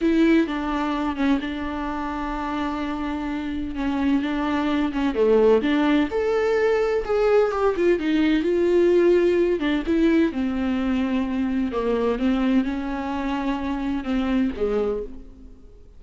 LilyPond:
\new Staff \with { instrumentName = "viola" } { \time 4/4 \tempo 4 = 128 e'4 d'4. cis'8 d'4~ | d'1 | cis'4 d'4. cis'8 a4 | d'4 a'2 gis'4 |
g'8 f'8 dis'4 f'2~ | f'8 d'8 e'4 c'2~ | c'4 ais4 c'4 cis'4~ | cis'2 c'4 gis4 | }